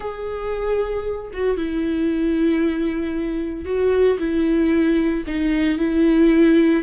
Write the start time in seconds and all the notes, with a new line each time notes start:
0.00 G#4
1.33 F#4
1.56 E4
3.65 F#4
4.18 E4
5.26 D#4
5.78 E4